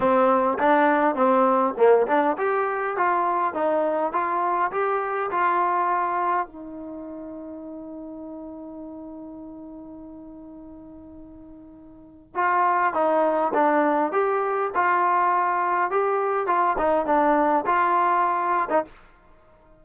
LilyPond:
\new Staff \with { instrumentName = "trombone" } { \time 4/4 \tempo 4 = 102 c'4 d'4 c'4 ais8 d'8 | g'4 f'4 dis'4 f'4 | g'4 f'2 dis'4~ | dis'1~ |
dis'1~ | dis'4 f'4 dis'4 d'4 | g'4 f'2 g'4 | f'8 dis'8 d'4 f'4.~ f'16 dis'16 | }